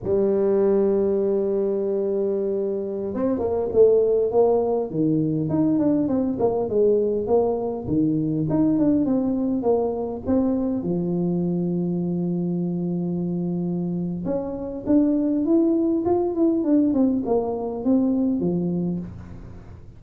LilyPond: \new Staff \with { instrumentName = "tuba" } { \time 4/4 \tempo 4 = 101 g1~ | g4~ g16 c'8 ais8 a4 ais8.~ | ais16 dis4 dis'8 d'8 c'8 ais8 gis8.~ | gis16 ais4 dis4 dis'8 d'8 c'8.~ |
c'16 ais4 c'4 f4.~ f16~ | f1 | cis'4 d'4 e'4 f'8 e'8 | d'8 c'8 ais4 c'4 f4 | }